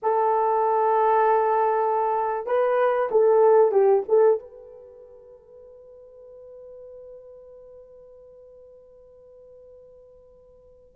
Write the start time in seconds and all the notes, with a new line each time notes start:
0.02 A4
2.46 B4
3.11 A4
3.71 G4
4.08 A4
4.39 B4